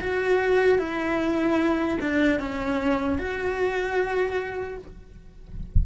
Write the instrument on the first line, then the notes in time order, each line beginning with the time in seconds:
cello
0.00 F#4
0.79 E4
2.00 D4
2.39 C#4
3.18 F#4